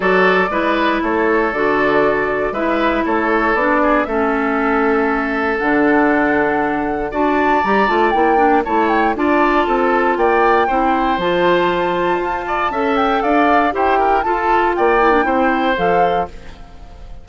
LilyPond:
<<
  \new Staff \with { instrumentName = "flute" } { \time 4/4 \tempo 4 = 118 d''2 cis''4 d''4~ | d''4 e''4 cis''4 d''4 | e''2. fis''4~ | fis''2 a''4 ais''8 a''8 |
g''4 a''8 g''8 a''2 | g''2 a''2~ | a''4. g''8 f''4 g''4 | a''4 g''2 f''4 | }
  \new Staff \with { instrumentName = "oboe" } { \time 4/4 a'4 b'4 a'2~ | a'4 b'4 a'4. gis'8 | a'1~ | a'2 d''2~ |
d''4 cis''4 d''4 a'4 | d''4 c''2.~ | c''8 d''8 e''4 d''4 c''8 ais'8 | a'4 d''4 c''2 | }
  \new Staff \with { instrumentName = "clarinet" } { \time 4/4 fis'4 e'2 fis'4~ | fis'4 e'2 d'4 | cis'2. d'4~ | d'2 fis'4 g'8 f'8 |
e'8 d'8 e'4 f'2~ | f'4 e'4 f'2~ | f'4 a'2 g'4 | f'4. e'16 d'16 e'4 a'4 | }
  \new Staff \with { instrumentName = "bassoon" } { \time 4/4 fis4 gis4 a4 d4~ | d4 gis4 a4 b4 | a2. d4~ | d2 d'4 g8 a8 |
ais4 a4 d'4 c'4 | ais4 c'4 f2 | f'4 cis'4 d'4 e'4 | f'4 ais4 c'4 f4 | }
>>